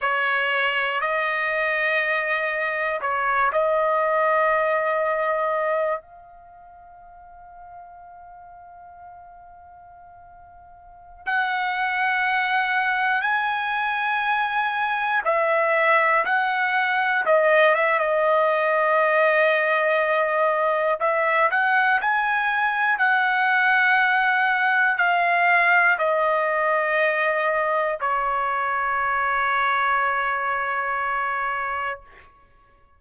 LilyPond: \new Staff \with { instrumentName = "trumpet" } { \time 4/4 \tempo 4 = 60 cis''4 dis''2 cis''8 dis''8~ | dis''2 f''2~ | f''2.~ f''16 fis''8.~ | fis''4~ fis''16 gis''2 e''8.~ |
e''16 fis''4 dis''8 e''16 dis''2~ | dis''4 e''8 fis''8 gis''4 fis''4~ | fis''4 f''4 dis''2 | cis''1 | }